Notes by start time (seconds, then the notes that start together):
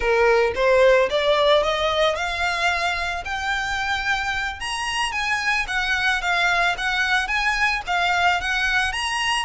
0.00 A#4
0.55 C5
1.10 D5
1.63 D#5
2.15 F5
3.25 G5
4.59 A#5
5.12 G#5
5.67 F#5
6.21 F5
6.77 F#5
7.27 G#5
7.86 F5
8.41 F#5
8.92 A#5